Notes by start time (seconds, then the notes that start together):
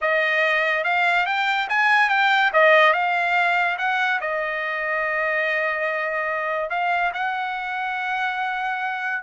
0.01 D#5
0.84 F5
1.25 G5
1.69 G#5
2.09 G5
2.53 D#5
2.93 F5
3.78 F#5
4.20 D#5
6.70 F5
7.13 F#5